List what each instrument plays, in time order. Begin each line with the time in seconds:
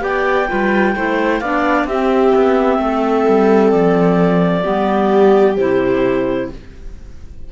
0.00 cello B3, clarinet G4 G5, viola D5
0.48 cello G3, clarinet F4, viola B4
0.95 cello A3, clarinet E4, viola C5
1.39 cello B3, clarinet D4 F5, viola D5
1.84 cello C4, clarinet C4 E5, viola G4
2.35 cello B3
2.78 cello A3, viola A4
3.28 cello G3
3.70 cello F3, clarinet D5
4.62 cello G3, clarinet B3, viola G4
5.56 cello C3, clarinet E4 C5